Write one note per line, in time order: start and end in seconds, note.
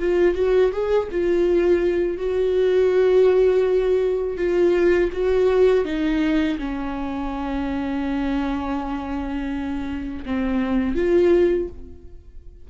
0.00 0.36 F4
0.36 0.72 F#4
0.73 1.09 G#4
1.11 2.18 F4
2.18 4.38 F#4
4.38 5.11 F4
5.13 5.85 F#4
5.85 6.58 D#4
6.59 10.25 C#4
10.26 10.96 C4
10.96 11.69 F4